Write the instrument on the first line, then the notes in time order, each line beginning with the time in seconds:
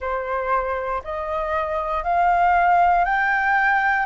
flute
0.00 C5
1.04 D#5
2.03 F5
3.05 G5